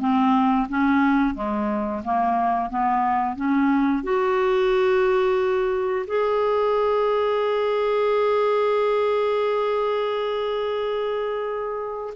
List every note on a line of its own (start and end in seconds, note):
0.00 0.67 C4
0.69 1.35 C#4
1.35 2.02 G#3
2.05 2.70 A#3
2.70 3.36 B3
3.36 4.04 C#4
4.04 6.06 F#4
6.07 12.14 G#4